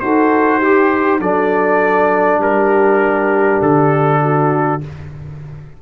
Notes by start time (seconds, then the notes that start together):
0.00 D#4 F#4 A4 C5
0.58 G4
1.20 F#3 D4 A4 D5
2.38 G3 G4 A#4
3.62 D3 A4
4.22 F#4